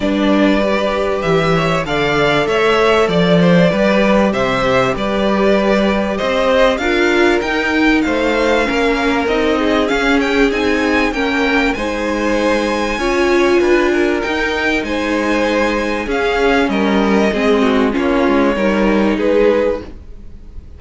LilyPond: <<
  \new Staff \with { instrumentName = "violin" } { \time 4/4 \tempo 4 = 97 d''2 e''4 f''4 | e''4 d''2 e''4 | d''2 dis''4 f''4 | g''4 f''2 dis''4 |
f''8 g''8 gis''4 g''4 gis''4~ | gis''2. g''4 | gis''2 f''4 dis''4~ | dis''4 cis''2 b'4 | }
  \new Staff \with { instrumentName = "violin" } { \time 4/4 b'2~ b'8 cis''8 d''4 | cis''4 d''8 c''8 b'4 c''4 | b'2 c''4 ais'4~ | ais'4 c''4 ais'4. gis'8~ |
gis'2 ais'4 c''4~ | c''4 cis''4 b'8 ais'4. | c''2 gis'4 ais'4 | gis'8 fis'8 f'4 ais'4 gis'4 | }
  \new Staff \with { instrumentName = "viola" } { \time 4/4 d'4 g'2 a'4~ | a'2 g'2~ | g'2. f'4 | dis'2 cis'4 dis'4 |
cis'4 dis'4 cis'4 dis'4~ | dis'4 f'2 dis'4~ | dis'2 cis'2 | c'4 cis'4 dis'2 | }
  \new Staff \with { instrumentName = "cello" } { \time 4/4 g2 e4 d4 | a4 f4 g4 c4 | g2 c'4 d'4 | dis'4 a4 ais4 c'4 |
cis'4 c'4 ais4 gis4~ | gis4 cis'4 d'4 dis'4 | gis2 cis'4 g4 | gis4 ais8 gis8 g4 gis4 | }
>>